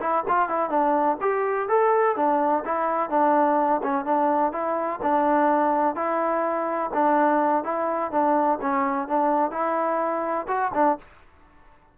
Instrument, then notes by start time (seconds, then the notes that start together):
trombone
0.00 E4
0.28 F4
0.49 E4
0.69 D4
1.21 G4
1.68 A4
2.16 D4
2.65 E4
3.10 D4
3.83 C#4
4.05 D4
4.52 E4
5.02 D4
5.95 E4
6.94 D4
7.64 E4
8.11 D4
8.61 C#4
9.08 D4
9.51 E4
10.47 F#4
10.74 D4